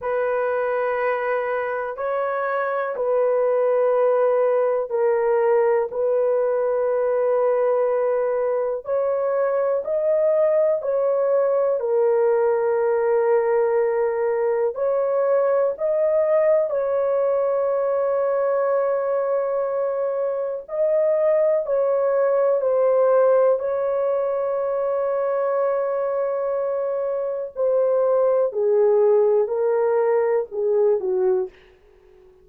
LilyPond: \new Staff \with { instrumentName = "horn" } { \time 4/4 \tempo 4 = 61 b'2 cis''4 b'4~ | b'4 ais'4 b'2~ | b'4 cis''4 dis''4 cis''4 | ais'2. cis''4 |
dis''4 cis''2.~ | cis''4 dis''4 cis''4 c''4 | cis''1 | c''4 gis'4 ais'4 gis'8 fis'8 | }